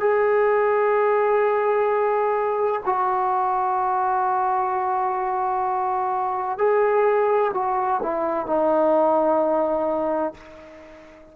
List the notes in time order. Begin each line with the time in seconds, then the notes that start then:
0.00 G#4
2.86 F#4
6.58 G#4
7.54 F#4
8.03 E4
8.47 D#4